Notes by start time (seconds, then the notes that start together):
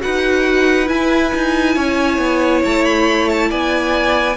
0.00 D#4 F#4 B4 F#5
0.86 E4 G#5
1.34 D#4
1.75 C#4 C#5
2.18 B3
2.64 A3 A5
2.85 B5
3.30 A5
3.50 B3 D5 G#5